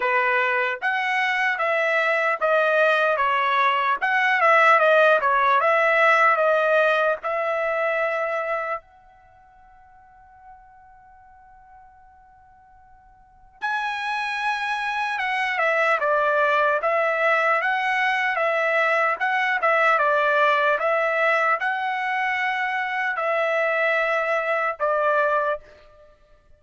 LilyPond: \new Staff \with { instrumentName = "trumpet" } { \time 4/4 \tempo 4 = 75 b'4 fis''4 e''4 dis''4 | cis''4 fis''8 e''8 dis''8 cis''8 e''4 | dis''4 e''2 fis''4~ | fis''1~ |
fis''4 gis''2 fis''8 e''8 | d''4 e''4 fis''4 e''4 | fis''8 e''8 d''4 e''4 fis''4~ | fis''4 e''2 d''4 | }